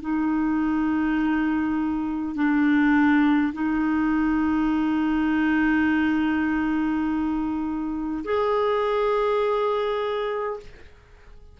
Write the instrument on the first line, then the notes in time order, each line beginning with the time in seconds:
clarinet
0.00 D#4
2.35 D4
3.53 D#4
8.24 G#4